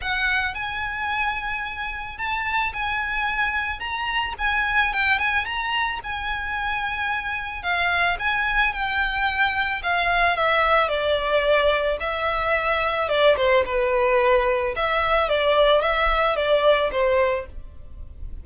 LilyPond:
\new Staff \with { instrumentName = "violin" } { \time 4/4 \tempo 4 = 110 fis''4 gis''2. | a''4 gis''2 ais''4 | gis''4 g''8 gis''8 ais''4 gis''4~ | gis''2 f''4 gis''4 |
g''2 f''4 e''4 | d''2 e''2 | d''8 c''8 b'2 e''4 | d''4 e''4 d''4 c''4 | }